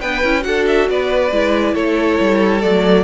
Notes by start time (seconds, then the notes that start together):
0.00 B3 D4 B4 G5
0.23 C#4 E4
0.41 D4 F#4 A4 F#5
0.67 E5
0.89 B3 B4 D5
1.31 G#3 E4
1.74 A3 A4 C#5
2.20 G3
2.61 F#3 A3 D5